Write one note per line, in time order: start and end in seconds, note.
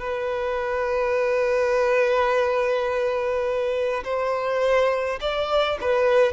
0.00 4.04 B4
4.04 5.20 C5
5.21 5.79 D5
5.81 6.33 B4